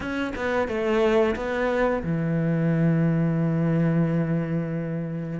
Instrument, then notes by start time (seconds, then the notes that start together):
cello
0.00 C#4
0.36 B3
0.67 A3
1.35 B3
2.03 E3